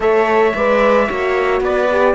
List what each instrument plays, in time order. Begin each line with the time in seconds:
0.00 cello A3, horn A4, viola C#5, trumpet E5
0.54 cello G#3, horn B4, viola D5
1.07 cello A#3, horn F#4, viola C#5
1.60 cello B3, viola B4, trumpet D5
1.91 horn G4